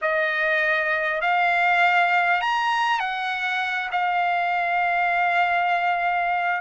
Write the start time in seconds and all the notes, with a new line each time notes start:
0.01 D#5
1.21 F5
2.41 A#5
2.99 F#5
3.91 F5